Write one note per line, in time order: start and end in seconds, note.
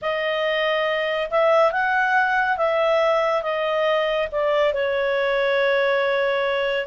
0.01 1.30 D#5
1.30 1.72 E5
1.72 2.57 F#5
2.57 3.42 E5
3.42 4.28 D#5
4.31 4.73 D5
4.73 6.86 C#5